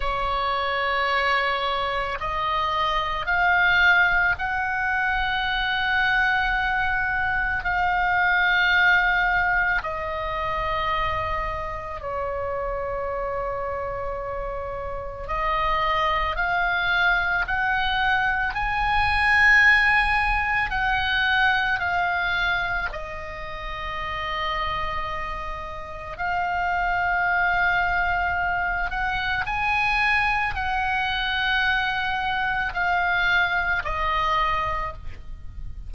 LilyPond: \new Staff \with { instrumentName = "oboe" } { \time 4/4 \tempo 4 = 55 cis''2 dis''4 f''4 | fis''2. f''4~ | f''4 dis''2 cis''4~ | cis''2 dis''4 f''4 |
fis''4 gis''2 fis''4 | f''4 dis''2. | f''2~ f''8 fis''8 gis''4 | fis''2 f''4 dis''4 | }